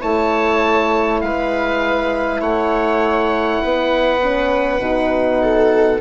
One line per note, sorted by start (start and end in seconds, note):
0.00 1.23 A3
0.00 4.20 E4
0.00 1.21 C#5
0.00 1.21 A5
1.21 2.41 G#3
1.21 2.41 B4
1.21 2.41 F5
2.41 3.60 A3
2.41 3.61 C#5
2.41 6.01 F#5
3.62 4.79 B3
3.62 5.42 B4
4.23 4.80 C#4
4.79 6.00 B2
4.79 6.00 D#4
5.42 6.01 A4